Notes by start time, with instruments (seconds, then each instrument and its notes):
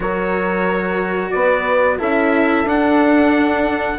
0.00 bassoon F#3, cello F#4, horn A#4, trumpet C#5
1.31 bassoon B3, horn B4, trumpet D5
1.98 bassoon C#4, cello E4, horn A4, trumpet E5
2.64 bassoon D4, cello D4, trumpet F#5